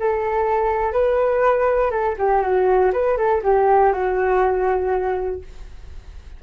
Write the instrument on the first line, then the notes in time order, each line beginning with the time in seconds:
flute
0.00 A4
0.93 B4
1.91 A4
2.19 G4
2.42 F#4
2.93 B4
3.18 A4
3.43 G4
3.93 F#4